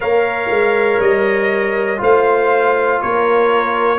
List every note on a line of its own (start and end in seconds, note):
0.00 0.49 A#3
0.00 1.97 A#4
0.00 2.00 C#5
0.00 1.00 F5
0.49 0.99 G#3
1.00 2.00 G3
1.00 2.00 D#5
1.97 3.01 A3
1.97 3.97 F4
1.97 3.00 C5
1.97 3.01 F5
3.01 3.99 A#3
3.01 3.99 A#4
3.01 3.99 C#5